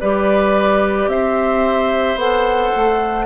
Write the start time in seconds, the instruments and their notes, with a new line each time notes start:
0.00 bassoon G3, clarinet G4, oboe B4, flute D5
1.07 bassoon C4, oboe C5, flute E5
2.15 bassoon B3, clarinet A4, flute F#5
2.75 bassoon A3